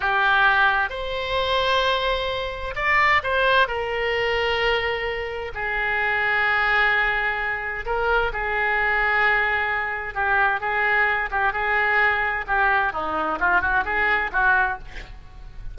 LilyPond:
\new Staff \with { instrumentName = "oboe" } { \time 4/4 \tempo 4 = 130 g'2 c''2~ | c''2 d''4 c''4 | ais'1 | gis'1~ |
gis'4 ais'4 gis'2~ | gis'2 g'4 gis'4~ | gis'8 g'8 gis'2 g'4 | dis'4 f'8 fis'8 gis'4 fis'4 | }